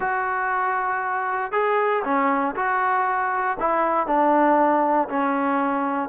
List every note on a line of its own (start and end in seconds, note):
0.00 1.52 F#4
1.52 2.02 G#4
2.04 2.55 C#4
2.55 3.57 F#4
3.59 4.07 E4
4.07 5.08 D4
5.08 6.09 C#4